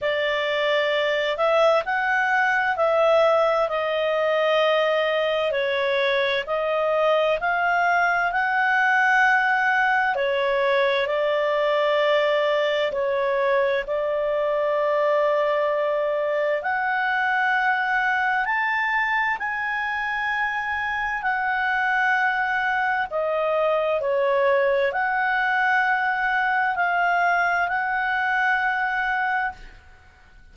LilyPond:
\new Staff \with { instrumentName = "clarinet" } { \time 4/4 \tempo 4 = 65 d''4. e''8 fis''4 e''4 | dis''2 cis''4 dis''4 | f''4 fis''2 cis''4 | d''2 cis''4 d''4~ |
d''2 fis''2 | a''4 gis''2 fis''4~ | fis''4 dis''4 cis''4 fis''4~ | fis''4 f''4 fis''2 | }